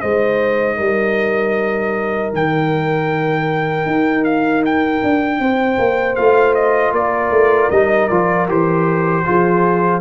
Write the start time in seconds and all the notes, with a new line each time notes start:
0.00 G#3 D#4 C5 D#5
0.76 G3 A#4
2.33 D#3 G5
3.86 D#4
4.24 F5
4.65 G5
5.03 D4
5.39 C4 C5
5.78 A#3
6.15 A3 F4 F5
6.54 D#5
6.91 A#3 A#4 D5
7.31 A3
7.70 G3 D#4 D#5
8.08 F3 F4 D5
8.48 E3 G4 C5
9.25 F3 F4 G#4